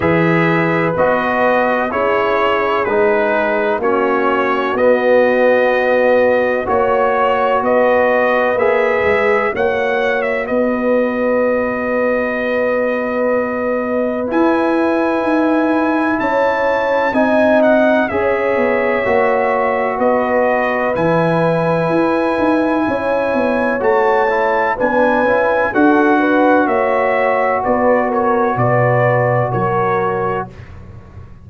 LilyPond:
<<
  \new Staff \with { instrumentName = "trumpet" } { \time 4/4 \tempo 4 = 63 e''4 dis''4 cis''4 b'4 | cis''4 dis''2 cis''4 | dis''4 e''4 fis''8. e''16 dis''4~ | dis''2. gis''4~ |
gis''4 a''4 gis''8 fis''8 e''4~ | e''4 dis''4 gis''2~ | gis''4 a''4 gis''4 fis''4 | e''4 d''8 cis''8 d''4 cis''4 | }
  \new Staff \with { instrumentName = "horn" } { \time 4/4 b'2 gis'2 | fis'2. cis''4 | b'2 cis''4 b'4~ | b'1~ |
b'4 cis''4 dis''4 cis''4~ | cis''4 b'2. | cis''2 b'4 a'8 b'8 | cis''4 b'8 ais'8 b'4 ais'4 | }
  \new Staff \with { instrumentName = "trombone" } { \time 4/4 gis'4 fis'4 e'4 dis'4 | cis'4 b2 fis'4~ | fis'4 gis'4 fis'2~ | fis'2. e'4~ |
e'2 dis'4 gis'4 | fis'2 e'2~ | e'4 fis'8 e'8 d'8 e'8 fis'4~ | fis'1 | }
  \new Staff \with { instrumentName = "tuba" } { \time 4/4 e4 b4 cis'4 gis4 | ais4 b2 ais4 | b4 ais8 gis8 ais4 b4~ | b2. e'4 |
dis'4 cis'4 c'4 cis'8 b8 | ais4 b4 e4 e'8 dis'8 | cis'8 b8 a4 b8 cis'8 d'4 | ais4 b4 b,4 fis4 | }
>>